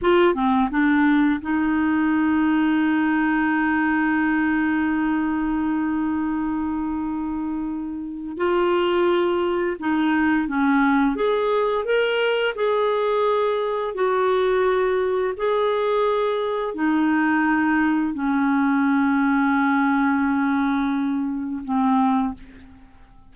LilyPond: \new Staff \with { instrumentName = "clarinet" } { \time 4/4 \tempo 4 = 86 f'8 c'8 d'4 dis'2~ | dis'1~ | dis'1 | f'2 dis'4 cis'4 |
gis'4 ais'4 gis'2 | fis'2 gis'2 | dis'2 cis'2~ | cis'2. c'4 | }